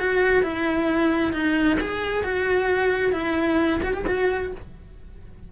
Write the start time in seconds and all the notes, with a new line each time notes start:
0.00 F#4
0.43 E4
1.33 D#4
1.80 G#4
2.24 F#4
3.13 E4
3.83 F#4
3.94 G4
4.07 F#4